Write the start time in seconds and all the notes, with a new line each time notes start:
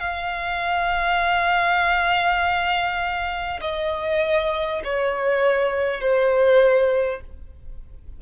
0.00 F5
3.61 D#5
4.84 C#5
6.01 C5